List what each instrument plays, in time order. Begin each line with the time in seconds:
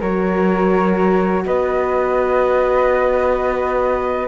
0.00 cello F#3, horn F#4, flute A#4 C#5
1.45 cello B3, flute B4 D#5